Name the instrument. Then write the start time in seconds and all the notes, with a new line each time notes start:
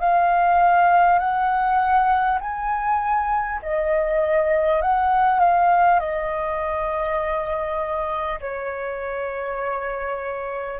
flute
0.00 F5
1.19 F#5
2.41 G#5
3.63 D#5
4.82 F#5
5.39 F5
6.00 D#5
8.41 C#5